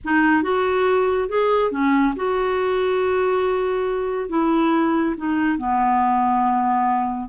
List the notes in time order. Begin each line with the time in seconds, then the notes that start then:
0.04 D#4
0.42 F#4
1.28 G#4
1.71 C#4
2.15 F#4
4.29 E4
5.17 D#4
5.58 B3